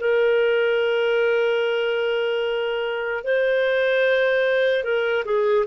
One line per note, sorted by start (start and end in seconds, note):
0.00 3.24 A#4
3.24 4.84 C5
4.84 5.24 A#4
5.25 5.66 G#4